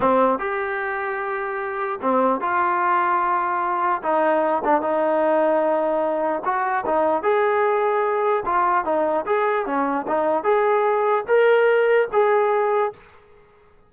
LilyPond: \new Staff \with { instrumentName = "trombone" } { \time 4/4 \tempo 4 = 149 c'4 g'2.~ | g'4 c'4 f'2~ | f'2 dis'4. d'8 | dis'1 |
fis'4 dis'4 gis'2~ | gis'4 f'4 dis'4 gis'4 | cis'4 dis'4 gis'2 | ais'2 gis'2 | }